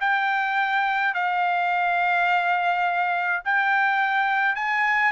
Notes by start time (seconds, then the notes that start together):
0.00 G5
1.14 F5
3.44 G5
4.55 G#5